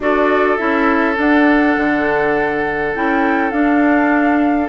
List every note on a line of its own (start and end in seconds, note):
0.00 0.58 D4
0.00 0.58 F#4
0.00 4.69 A4
0.00 0.57 D5
0.57 1.18 C#4
0.57 1.14 E4
0.57 1.16 E5
1.14 2.90 D4
1.14 1.77 D4
1.14 2.95 F#5
1.77 2.94 D3
2.95 3.51 C#4
2.95 3.51 E4
2.95 3.50 G5
3.50 4.69 D4
3.50 4.68 F5